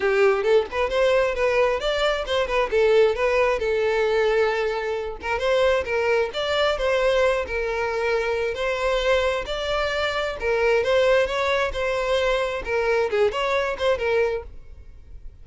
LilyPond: \new Staff \with { instrumentName = "violin" } { \time 4/4 \tempo 4 = 133 g'4 a'8 b'8 c''4 b'4 | d''4 c''8 b'8 a'4 b'4 | a'2.~ a'8 ais'8 | c''4 ais'4 d''4 c''4~ |
c''8 ais'2~ ais'8 c''4~ | c''4 d''2 ais'4 | c''4 cis''4 c''2 | ais'4 gis'8 cis''4 c''8 ais'4 | }